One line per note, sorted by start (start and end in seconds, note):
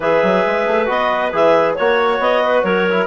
0.00 0.22 E3
0.00 0.86 G#4
0.00 1.75 B4
0.00 0.89 E5
0.22 0.44 F#3
0.46 0.66 G#3
0.66 0.88 A3
0.86 1.32 B3
0.86 1.30 F#4
0.86 1.33 D#5
1.32 1.76 E3
1.32 1.76 G#4
1.32 1.74 E5
1.74 2.19 A#3
1.74 2.89 F#4
1.74 2.18 C#5
1.74 2.43 C#5
2.19 2.63 B3
2.19 2.62 D#5
2.43 2.64 B4
2.62 3.07 F#3
2.62 3.07 A#4
2.62 3.07 C#5
2.89 3.07 E4